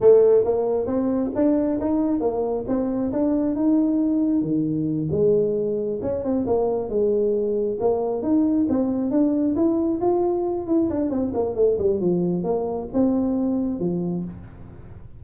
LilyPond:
\new Staff \with { instrumentName = "tuba" } { \time 4/4 \tempo 4 = 135 a4 ais4 c'4 d'4 | dis'4 ais4 c'4 d'4 | dis'2 dis4. gis8~ | gis4. cis'8 c'8 ais4 gis8~ |
gis4. ais4 dis'4 c'8~ | c'8 d'4 e'4 f'4. | e'8 d'8 c'8 ais8 a8 g8 f4 | ais4 c'2 f4 | }